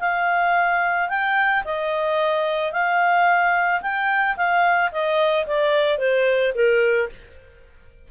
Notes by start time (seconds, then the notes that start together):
0.00 F5
1.09 G5
1.65 D#5
2.72 F5
3.82 G5
4.37 F5
4.92 D#5
5.47 D5
5.99 C5
6.55 A#4